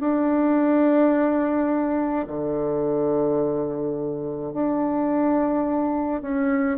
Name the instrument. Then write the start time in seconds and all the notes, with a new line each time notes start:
bassoon
0.00 D4
2.27 D3
4.53 D4
6.22 C#4